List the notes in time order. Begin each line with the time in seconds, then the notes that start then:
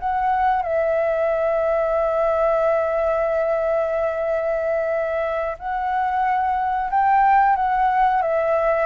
0.00 F#5
0.63 E5
5.59 F#5
6.91 G5
7.56 F#5
8.22 E5